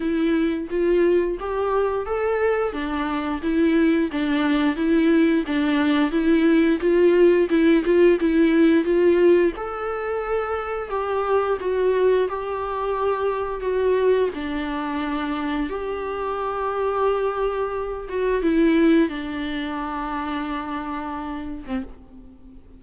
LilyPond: \new Staff \with { instrumentName = "viola" } { \time 4/4 \tempo 4 = 88 e'4 f'4 g'4 a'4 | d'4 e'4 d'4 e'4 | d'4 e'4 f'4 e'8 f'8 | e'4 f'4 a'2 |
g'4 fis'4 g'2 | fis'4 d'2 g'4~ | g'2~ g'8 fis'8 e'4 | d'2.~ d'8. c'16 | }